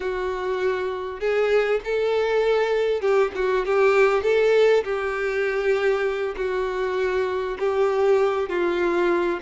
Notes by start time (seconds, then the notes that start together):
0.00 F#4
1.20 G#4
1.84 A4
3.01 G4
3.35 F#4
3.65 G4
4.23 A4
4.83 G4
6.36 F#4
7.59 G4
8.49 F4